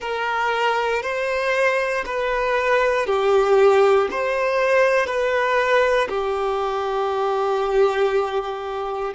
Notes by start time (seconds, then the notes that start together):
0.00 A#4
1.02 C5
2.05 B4
3.06 G4
4.10 C5
5.06 B4
6.08 G4